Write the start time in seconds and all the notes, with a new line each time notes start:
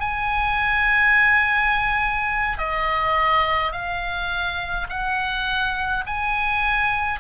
0.00 G#5
2.58 D#5
3.72 F5
4.89 F#5
6.06 G#5